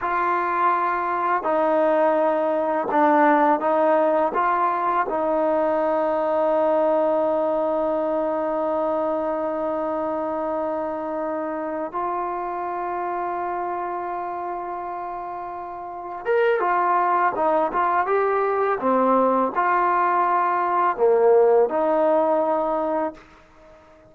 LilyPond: \new Staff \with { instrumentName = "trombone" } { \time 4/4 \tempo 4 = 83 f'2 dis'2 | d'4 dis'4 f'4 dis'4~ | dis'1~ | dis'1~ |
dis'8 f'2.~ f'8~ | f'2~ f'8 ais'8 f'4 | dis'8 f'8 g'4 c'4 f'4~ | f'4 ais4 dis'2 | }